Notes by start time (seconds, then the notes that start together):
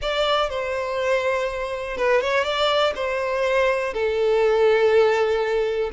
0.01 D5
0.49 C5
1.97 B4
2.21 C#5
2.44 D5
2.95 C5
3.93 A4